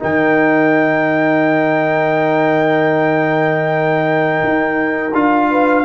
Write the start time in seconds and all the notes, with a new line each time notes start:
0.00 D#3 D#4 A#4 G5
4.44 D#4
5.13 D4 F4 F5
5.50 B4